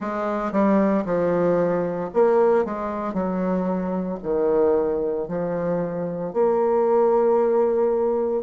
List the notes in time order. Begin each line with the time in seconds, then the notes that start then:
0.00 G#3
0.52 G3
1.05 F3
2.13 A#3
2.65 G#3
3.13 F#3
4.22 D#3
5.27 F3
6.33 A#3